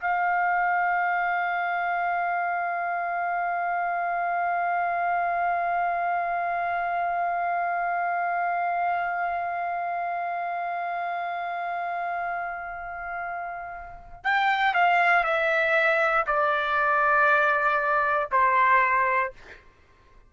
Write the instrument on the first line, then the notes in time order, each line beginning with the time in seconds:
trumpet
0.00 F5
14.24 G5
14.74 F5
15.24 E5
16.27 D5
18.31 C5